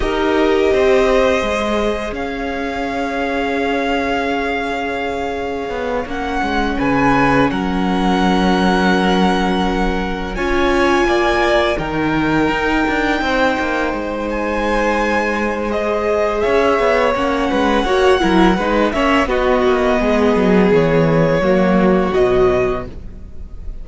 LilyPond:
<<
  \new Staff \with { instrumentName = "violin" } { \time 4/4 \tempo 4 = 84 dis''2. f''4~ | f''1~ | f''8 fis''4 gis''4 fis''4.~ | fis''2~ fis''8 gis''4.~ |
gis''8 g''2.~ g''8 | gis''2 dis''4 e''4 | fis''2~ fis''8 e''8 dis''4~ | dis''4 cis''2 dis''4 | }
  \new Staff \with { instrumentName = "violin" } { \time 4/4 ais'4 c''2 cis''4~ | cis''1~ | cis''4. b'4 ais'4.~ | ais'2~ ais'8 cis''4 d''8~ |
d''8 ais'2 c''4.~ | c''2. cis''4~ | cis''8 b'8 cis''8 ais'8 b'8 cis''8 fis'4 | gis'2 fis'2 | }
  \new Staff \with { instrumentName = "viola" } { \time 4/4 g'2 gis'2~ | gis'1~ | gis'8 cis'2.~ cis'8~ | cis'2~ cis'8 f'4.~ |
f'8 dis'2.~ dis'8~ | dis'2 gis'2 | cis'4 fis'8 e'8 dis'8 cis'8 b4~ | b2 ais4 fis4 | }
  \new Staff \with { instrumentName = "cello" } { \time 4/4 dis'4 c'4 gis4 cis'4~ | cis'1 | b8 ais8 gis8 cis4 fis4.~ | fis2~ fis8 cis'4 ais8~ |
ais8 dis4 dis'8 d'8 c'8 ais8 gis8~ | gis2. cis'8 b8 | ais8 gis8 ais8 fis8 gis8 ais8 b8 ais8 | gis8 fis8 e4 fis4 b,4 | }
>>